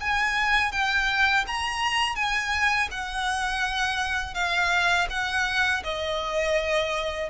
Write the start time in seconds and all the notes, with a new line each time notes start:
0.00 G#5
0.72 G5
1.47 A#5
2.16 G#5
2.91 F#5
4.34 F5
5.10 F#5
5.84 D#5